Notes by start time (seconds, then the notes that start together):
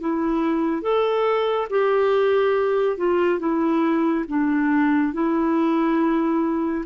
0.00 E4
0.82 A4
1.70 G4
2.97 F4
3.39 E4
4.28 D4
5.13 E4